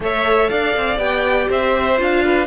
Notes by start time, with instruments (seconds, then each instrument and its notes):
0.00 cello A3, viola A4, violin C#5 E5
0.49 cello D4, violin D5 F5
0.76 cello C4
0.97 cello B3, viola G4, violin G5
1.49 cello C4, violin C5 E5
1.97 cello D4, viola F4, violin F5
2.24 violin B4